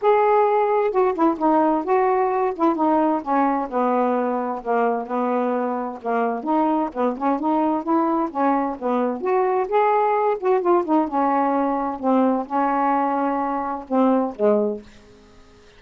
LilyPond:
\new Staff \with { instrumentName = "saxophone" } { \time 4/4 \tempo 4 = 130 gis'2 fis'8 e'8 dis'4 | fis'4. e'8 dis'4 cis'4 | b2 ais4 b4~ | b4 ais4 dis'4 b8 cis'8 |
dis'4 e'4 cis'4 b4 | fis'4 gis'4. fis'8 f'8 dis'8 | cis'2 c'4 cis'4~ | cis'2 c'4 gis4 | }